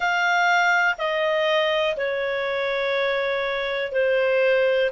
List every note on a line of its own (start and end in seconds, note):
0.00 0.95 F5
0.97 1.96 D#5
1.96 3.92 C#5
3.92 4.90 C5